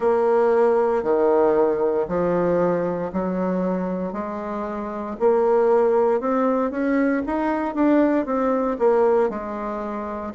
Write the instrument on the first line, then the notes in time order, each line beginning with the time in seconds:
bassoon
0.00 A#3
1.03 D#3
2.08 F3
3.13 F#3
4.12 G#3
5.19 A#3
6.20 C4
6.71 C#4
7.26 D#4
7.74 D4
8.25 C4
8.78 A#3
9.29 G#3